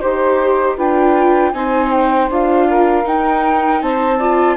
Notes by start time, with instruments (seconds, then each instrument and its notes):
0.00 bassoon D#4, viola G4, flute C5, saxophone C5
0.75 bassoon D4, viola F4, saxophone B4, flute G5
1.53 bassoon C4, viola D#4, saxophone C5, flute G#5
1.91 flute G5
2.28 bassoon D4, viola F4, flute F5
2.68 saxophone A#4
3.04 viola D#4, bassoon D#4, flute G5
3.81 bassoon C4, saxophone C5, flute A5
4.18 viola F4, saxophone D5